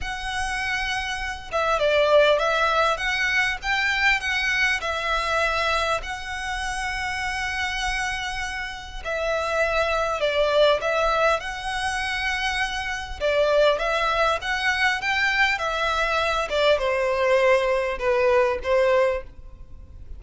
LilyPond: \new Staff \with { instrumentName = "violin" } { \time 4/4 \tempo 4 = 100 fis''2~ fis''8 e''8 d''4 | e''4 fis''4 g''4 fis''4 | e''2 fis''2~ | fis''2. e''4~ |
e''4 d''4 e''4 fis''4~ | fis''2 d''4 e''4 | fis''4 g''4 e''4. d''8 | c''2 b'4 c''4 | }